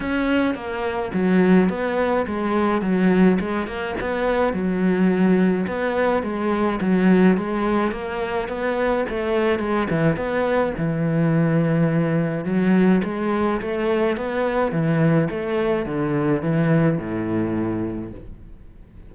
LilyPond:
\new Staff \with { instrumentName = "cello" } { \time 4/4 \tempo 4 = 106 cis'4 ais4 fis4 b4 | gis4 fis4 gis8 ais8 b4 | fis2 b4 gis4 | fis4 gis4 ais4 b4 |
a4 gis8 e8 b4 e4~ | e2 fis4 gis4 | a4 b4 e4 a4 | d4 e4 a,2 | }